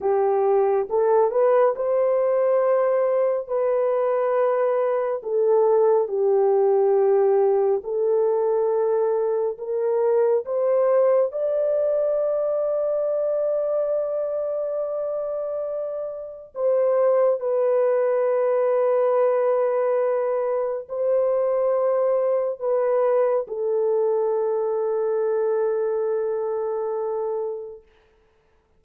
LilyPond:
\new Staff \with { instrumentName = "horn" } { \time 4/4 \tempo 4 = 69 g'4 a'8 b'8 c''2 | b'2 a'4 g'4~ | g'4 a'2 ais'4 | c''4 d''2.~ |
d''2. c''4 | b'1 | c''2 b'4 a'4~ | a'1 | }